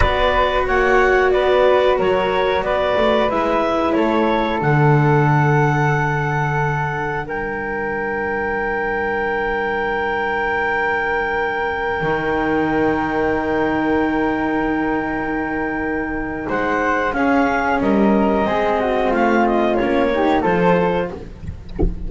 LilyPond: <<
  \new Staff \with { instrumentName = "clarinet" } { \time 4/4 \tempo 4 = 91 d''4 fis''4 d''4 cis''4 | d''4 e''4 cis''4 fis''4~ | fis''2. g''4~ | g''1~ |
g''1~ | g''1~ | g''4 fis''4 f''4 dis''4~ | dis''4 f''8 dis''8 cis''4 c''4 | }
  \new Staff \with { instrumentName = "flute" } { \time 4/4 b'4 cis''4 b'4 ais'4 | b'2 a'2~ | a'2. ais'4~ | ais'1~ |
ais'1~ | ais'1~ | ais'4 c''4 gis'4 ais'4 | gis'8 fis'8 f'4. g'8 a'4 | }
  \new Staff \with { instrumentName = "cello" } { \time 4/4 fis'1~ | fis'4 e'2 d'4~ | d'1~ | d'1~ |
d'2~ d'16 dis'4.~ dis'16~ | dis'1~ | dis'2 cis'2 | c'2 cis'8 dis'8 f'4 | }
  \new Staff \with { instrumentName = "double bass" } { \time 4/4 b4 ais4 b4 fis4 | b8 a8 gis4 a4 d4~ | d2. g4~ | g1~ |
g2~ g16 dis4.~ dis16~ | dis1~ | dis4 gis4 cis'4 g4 | gis4 a4 ais4 f4 | }
>>